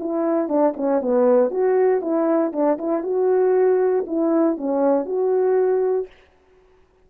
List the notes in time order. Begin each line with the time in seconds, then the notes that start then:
0.00 E4
0.49 D4
0.77 C#4
1.02 B3
1.51 F#4
2.02 E4
2.53 D4
2.79 E4
3.04 F#4
4.07 E4
4.58 C#4
5.06 F#4